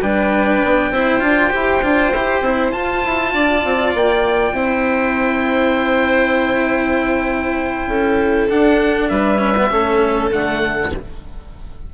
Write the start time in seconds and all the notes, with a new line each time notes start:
0.00 G3 D4 B4 G5
0.63 B3
0.91 C4 E4 C5
1.20 D4 F4
1.50 E4 G4
1.82 D4 F4
2.12 E4 G4
2.41 C4 E4
2.71 F4 A5
3.04 E4
3.33 D4 D5
3.64 C4
3.94 A#3 G5
4.52 C4 E4 C5
7.86 C#4 A4
8.49 D4 F#5
9.09 G3 B4 E5
9.38 C#4
9.57 B3
9.70 A3 C#4 A4
10.31 D3 A3 F#5